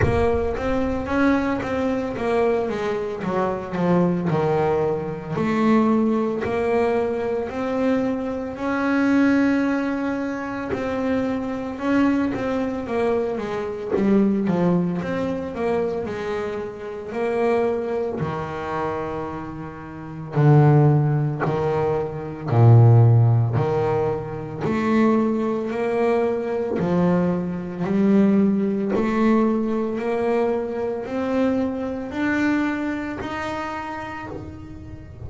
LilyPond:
\new Staff \with { instrumentName = "double bass" } { \time 4/4 \tempo 4 = 56 ais8 c'8 cis'8 c'8 ais8 gis8 fis8 f8 | dis4 a4 ais4 c'4 | cis'2 c'4 cis'8 c'8 | ais8 gis8 g8 f8 c'8 ais8 gis4 |
ais4 dis2 d4 | dis4 ais,4 dis4 a4 | ais4 f4 g4 a4 | ais4 c'4 d'4 dis'4 | }